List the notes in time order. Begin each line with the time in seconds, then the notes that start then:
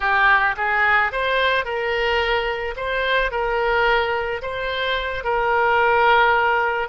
0.00 G4
0.57 G#4
1.12 C5
1.64 A#4
2.76 C5
3.31 A#4
4.42 C5
5.24 A#4